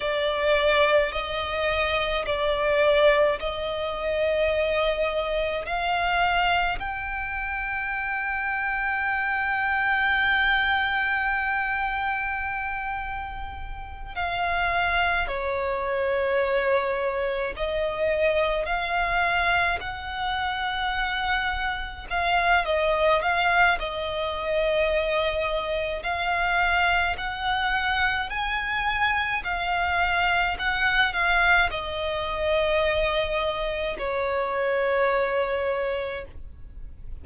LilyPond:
\new Staff \with { instrumentName = "violin" } { \time 4/4 \tempo 4 = 53 d''4 dis''4 d''4 dis''4~ | dis''4 f''4 g''2~ | g''1~ | g''8 f''4 cis''2 dis''8~ |
dis''8 f''4 fis''2 f''8 | dis''8 f''8 dis''2 f''4 | fis''4 gis''4 f''4 fis''8 f''8 | dis''2 cis''2 | }